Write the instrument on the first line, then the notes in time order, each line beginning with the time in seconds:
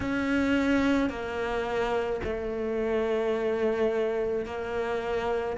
cello
0.00 C#4
1.09 A#3
2.24 A3
4.45 A#3